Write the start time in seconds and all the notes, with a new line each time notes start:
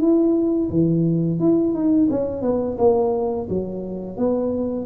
0.00 E4
0.70 E3
1.40 E4
1.74 D#4
2.11 C#4
2.42 B3
2.78 A#3
3.50 F#3
4.17 B3